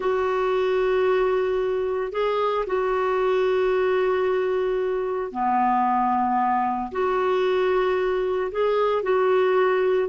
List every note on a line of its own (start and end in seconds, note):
0.00 2.12 F#4
2.12 2.65 G#4
2.66 5.31 F#4
5.31 6.91 B3
6.91 8.51 F#4
8.51 9.03 G#4
9.03 10.08 F#4